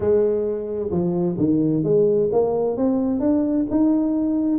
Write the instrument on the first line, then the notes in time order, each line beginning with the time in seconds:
tuba
0.00 G#3
0.91 F3
1.37 D#3
1.83 G#3
2.32 A#3
2.76 C4
3.20 D4
3.70 D#4